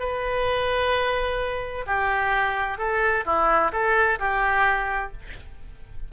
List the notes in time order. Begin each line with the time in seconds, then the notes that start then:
0.00 B4
1.87 G4
2.78 A4
3.25 E4
3.73 A4
4.19 G4